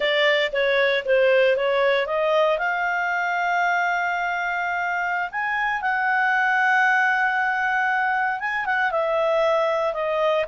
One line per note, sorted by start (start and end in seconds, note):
0.00 0.51 D5
0.52 1.03 C#5
1.05 1.56 C5
1.56 2.06 C#5
2.06 2.58 D#5
2.58 5.30 F5
5.31 5.81 G#5
5.81 8.40 F#5
8.40 8.65 G#5
8.65 8.91 F#5
8.91 9.93 E5
9.93 10.45 D#5